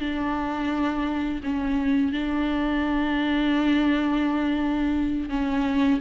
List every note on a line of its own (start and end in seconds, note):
0.00 1.41 D4
1.44 2.12 C#4
2.12 5.29 D4
5.29 6.00 C#4